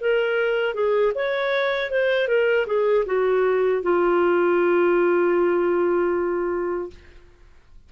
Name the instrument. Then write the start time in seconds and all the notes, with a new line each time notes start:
clarinet
0.00 A#4
0.74 G#4
1.14 C#5
1.91 C5
2.28 A#4
2.66 G#4
3.06 F#4
3.83 F4